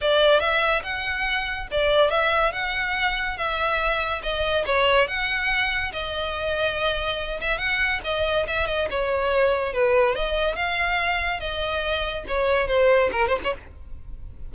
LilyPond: \new Staff \with { instrumentName = "violin" } { \time 4/4 \tempo 4 = 142 d''4 e''4 fis''2 | d''4 e''4 fis''2 | e''2 dis''4 cis''4 | fis''2 dis''2~ |
dis''4. e''8 fis''4 dis''4 | e''8 dis''8 cis''2 b'4 | dis''4 f''2 dis''4~ | dis''4 cis''4 c''4 ais'8 c''16 cis''16 | }